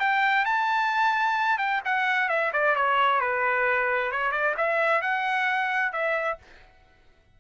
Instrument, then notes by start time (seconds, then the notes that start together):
trumpet
0.00 G5
0.45 A5
1.58 G5
1.85 F#5
2.29 E5
2.53 D5
2.76 C#5
3.21 B4
4.12 C#5
4.32 D5
4.58 E5
5.02 F#5
5.93 E5